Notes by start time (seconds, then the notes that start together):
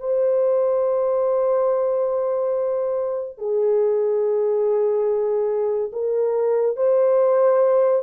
0.00 C5
3.38 G#4
5.93 A#4
6.77 C5